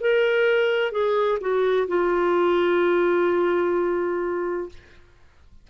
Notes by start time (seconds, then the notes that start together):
0.00 A#4
0.92 G#4
1.41 F#4
1.88 F4